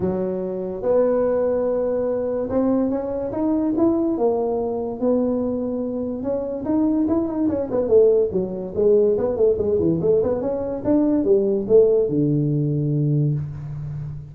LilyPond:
\new Staff \with { instrumentName = "tuba" } { \time 4/4 \tempo 4 = 144 fis2 b2~ | b2 c'4 cis'4 | dis'4 e'4 ais2 | b2. cis'4 |
dis'4 e'8 dis'8 cis'8 b8 a4 | fis4 gis4 b8 a8 gis8 e8 | a8 b8 cis'4 d'4 g4 | a4 d2. | }